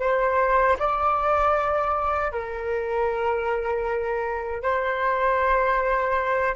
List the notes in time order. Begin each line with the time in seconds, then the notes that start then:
0.00 C5
0.79 D5
2.32 A#4
4.63 C5